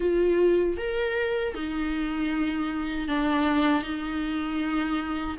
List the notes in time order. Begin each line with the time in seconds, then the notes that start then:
0.00 F4
0.77 A#4
1.54 D#4
3.08 D4
3.83 D#4